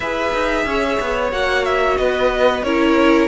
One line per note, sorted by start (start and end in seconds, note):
0.00 0.31 E4
0.00 1.31 G#4
0.00 0.64 B4
0.00 1.29 E5
0.33 0.65 D#4
0.65 0.98 C#4
0.65 1.99 C#5
1.00 1.32 B3
1.31 1.98 A#3
1.31 2.62 F#4
1.31 1.64 F#5
1.64 1.97 E5
1.97 2.62 B3
1.97 2.65 B4
1.97 2.63 D#5
2.62 3.28 C#4
2.62 3.28 E4
2.62 3.28 A#4
2.62 3.28 C#5